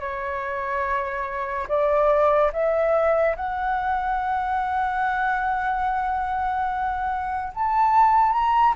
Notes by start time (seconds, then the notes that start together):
0.00 C#5
1.68 D5
2.52 E5
3.36 F#5
7.54 A5
8.32 A#5